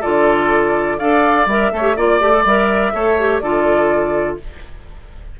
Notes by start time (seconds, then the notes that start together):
0.00 D3 F4 A4 D5
0.99 D4 A4 D5 F5
1.46 G3 A#4 E5
1.72 A3 A4 C#5
1.82 G4
1.96 A#3 F4 D5
2.20 A3 G4
2.31 A4
2.45 G3 A#4 E5
2.93 A3 A4 C#5
3.19 G4
3.40 D3 F4 A4 D5